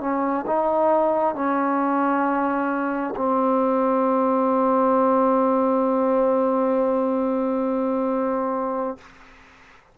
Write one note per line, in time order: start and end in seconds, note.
0.00 0.45 C#4
0.46 1.35 D#4
1.35 3.14 C#4
3.15 8.98 C4